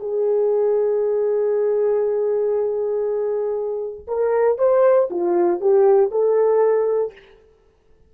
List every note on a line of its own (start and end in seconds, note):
0.00 4.07 G#4
4.07 4.58 A#4
4.58 5.09 C5
5.10 5.61 F4
5.61 6.11 G4
6.11 7.13 A4